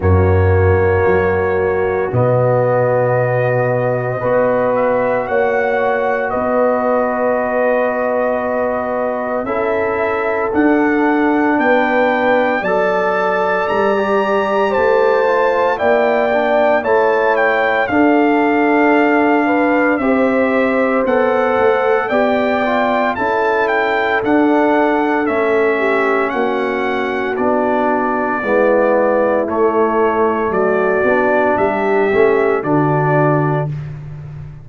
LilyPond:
<<
  \new Staff \with { instrumentName = "trumpet" } { \time 4/4 \tempo 4 = 57 cis''2 dis''2~ | dis''8 e''8 fis''4 dis''2~ | dis''4 e''4 fis''4 g''4 | a''4 ais''4 a''4 g''4 |
a''8 g''8 f''2 e''4 | fis''4 g''4 a''8 g''8 fis''4 | e''4 fis''4 d''2 | cis''4 d''4 e''4 d''4 | }
  \new Staff \with { instrumentName = "horn" } { \time 4/4 fis'1 | b'4 cis''4 b'2~ | b'4 a'2 b'4 | d''2 c''4 d''4 |
cis''4 a'4. b'8 c''4~ | c''4 d''4 a'2~ | a'8 g'8 fis'2 e'4~ | e'4 fis'4 g'4 fis'4 | }
  \new Staff \with { instrumentName = "trombone" } { \time 4/4 ais2 b2 | fis'1~ | fis'4 e'4 d'2 | a'4~ a'16 g'4~ g'16 f'8 e'8 d'8 |
e'4 d'2 g'4 | a'4 g'8 f'8 e'4 d'4 | cis'2 d'4 b4 | a4. d'4 cis'8 d'4 | }
  \new Staff \with { instrumentName = "tuba" } { \time 4/4 fis,4 fis4 b,2 | b4 ais4 b2~ | b4 cis'4 d'4 b4 | fis4 g4 a4 ais4 |
a4 d'2 c'4 | b8 a8 b4 cis'4 d'4 | a4 ais4 b4 gis4 | a4 fis8 b8 g8 a8 d4 | }
>>